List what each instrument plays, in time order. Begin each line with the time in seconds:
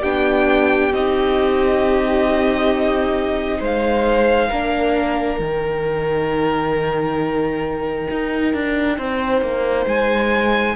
0.00 cello B3, viola D4, violin G4 G5
0.92 cello C4, viola D#4, violin D#5
3.59 cello G#3, violin C5 F5
4.49 cello A#3, viola D4, violin A#4
5.39 cello D#3, viola D#4, violin G5
8.10 cello D#4
8.54 cello D4
8.97 cello C4, violin C5
9.42 cello A#3
9.86 cello G#3, violin G#5